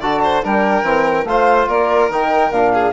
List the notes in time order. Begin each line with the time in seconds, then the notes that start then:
0.00 D3 F#4 D5 A5
0.23 C5
0.43 G3 D4 A#4 G5
0.82 E3 C4
1.24 A3 F4 C5 F5
1.68 A#3 A#4 D5
2.09 D#3 D#4 G5
2.50 A#2 D4 F5
2.73 G#4